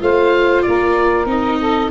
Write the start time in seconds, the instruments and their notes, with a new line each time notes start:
0.00 tuba A3, viola F4, saxophone C5, oboe F5
0.62 tuba A#3, saxophone A#4, oboe D5
1.25 tuba C4, viola D#4, oboe D#5
1.59 saxophone A4